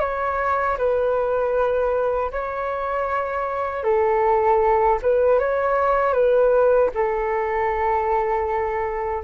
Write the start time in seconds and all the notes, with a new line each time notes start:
0.00 C#5
0.77 B4
2.31 C#5
3.84 A4
5.02 B4
5.39 C#5
6.13 B4
6.94 A4